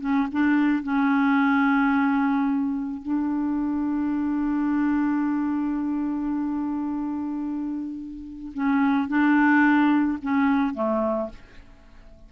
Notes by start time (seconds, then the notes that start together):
0.00 C#4
0.32 D4
0.83 C#4
3.02 D4
8.54 C#4
9.08 D4
10.22 C#4
10.74 A3